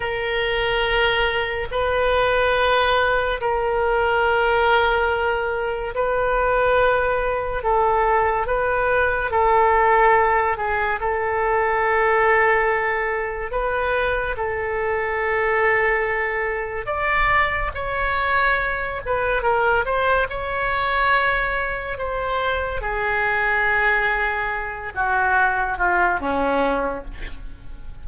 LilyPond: \new Staff \with { instrumentName = "oboe" } { \time 4/4 \tempo 4 = 71 ais'2 b'2 | ais'2. b'4~ | b'4 a'4 b'4 a'4~ | a'8 gis'8 a'2. |
b'4 a'2. | d''4 cis''4. b'8 ais'8 c''8 | cis''2 c''4 gis'4~ | gis'4. fis'4 f'8 cis'4 | }